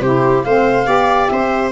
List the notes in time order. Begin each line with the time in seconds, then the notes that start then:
0.00 C3 E4 G4 C5
0.43 A3 C4 C5 F5
0.86 B3 G4 D5
1.28 C4 C5 E5